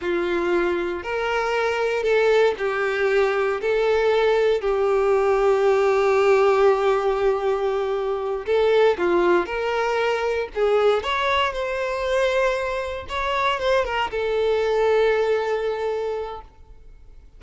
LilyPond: \new Staff \with { instrumentName = "violin" } { \time 4/4 \tempo 4 = 117 f'2 ais'2 | a'4 g'2 a'4~ | a'4 g'2.~ | g'1~ |
g'8 a'4 f'4 ais'4.~ | ais'8 gis'4 cis''4 c''4.~ | c''4. cis''4 c''8 ais'8 a'8~ | a'1 | }